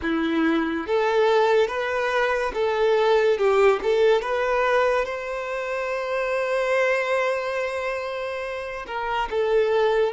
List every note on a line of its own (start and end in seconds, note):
0.02 0.86 E4
0.86 1.67 A4
1.67 2.52 B4
2.54 3.38 A4
3.38 3.80 G4
3.83 4.21 A4
4.21 5.05 B4
5.05 8.85 C5
8.86 9.28 A#4
9.30 10.12 A4